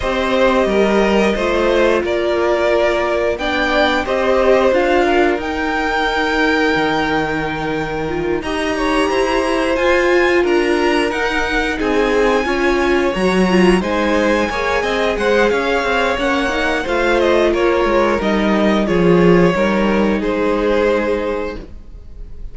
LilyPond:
<<
  \new Staff \with { instrumentName = "violin" } { \time 4/4 \tempo 4 = 89 dis''2. d''4~ | d''4 g''4 dis''4 f''4 | g''1~ | g''8 ais''2 gis''4 ais''8~ |
ais''8 fis''4 gis''2 ais''8~ | ais''8 gis''2 fis''8 f''4 | fis''4 f''8 dis''8 cis''4 dis''4 | cis''2 c''2 | }
  \new Staff \with { instrumentName = "violin" } { \time 4/4 c''4 ais'4 c''4 ais'4~ | ais'4 d''4 c''4. ais'8~ | ais'1~ | ais'8 dis''8 cis''8 c''2 ais'8~ |
ais'4. gis'4 cis''4.~ | cis''8 c''4 cis''8 dis''8 c''8 cis''4~ | cis''4 c''4 ais'2 | gis'4 ais'4 gis'2 | }
  \new Staff \with { instrumentName = "viola" } { \time 4/4 g'2 f'2~ | f'4 d'4 g'4 f'4 | dis'1 | f'8 g'2 f'4.~ |
f'8 dis'2 f'4 fis'8 | f'8 dis'4 gis'2~ gis'8 | cis'8 dis'8 f'2 dis'4 | f'4 dis'2. | }
  \new Staff \with { instrumentName = "cello" } { \time 4/4 c'4 g4 a4 ais4~ | ais4 b4 c'4 d'4 | dis'2 dis2~ | dis8 dis'4 e'4 f'4 d'8~ |
d'8 dis'4 c'4 cis'4 fis8~ | fis8 gis4 ais8 c'8 gis8 cis'8 c'8 | ais4 a4 ais8 gis8 g4 | f4 g4 gis2 | }
>>